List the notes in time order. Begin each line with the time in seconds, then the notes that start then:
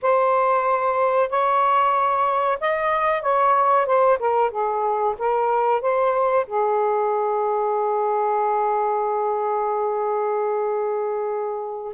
0.01 C5
1.29 C#5
2.60 D#5
3.21 C#5
3.86 C5
4.19 A#4
4.50 G#4
5.18 A#4
5.81 C5
6.47 G#4